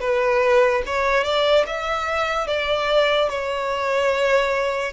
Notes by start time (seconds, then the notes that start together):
0.00 B4
0.86 C#5
1.23 D5
1.66 E5
2.47 D5
3.29 C#5